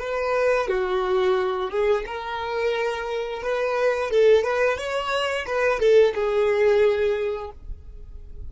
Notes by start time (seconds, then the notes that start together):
0.00 B4
0.68 F#4
1.70 G#4
2.06 A#4
3.42 B4
4.11 A4
4.44 B4
4.78 C#5
5.47 B4
5.80 A4
6.15 G#4